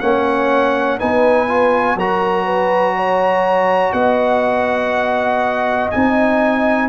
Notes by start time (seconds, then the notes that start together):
0.00 A#3 C#4 C#5 F#5
0.99 B3 D#4 B4 G#5
1.48 F4
1.95 F#3 F#4 A#4 A#5
2.45 B4
2.97 C#5
3.93 B3 D#5 F#5
5.91 C4 D#4 G#5